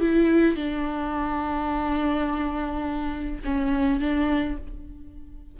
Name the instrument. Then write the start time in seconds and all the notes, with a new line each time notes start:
viola
0.00 E4
0.55 D4
3.44 C#4
4.00 D4